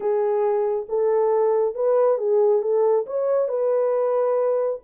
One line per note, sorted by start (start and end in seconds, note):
0.00 0.86 G#4
0.89 1.74 A4
1.74 2.18 B4
2.18 2.62 G#4
2.62 3.05 A4
3.06 3.48 C#5
3.48 4.79 B4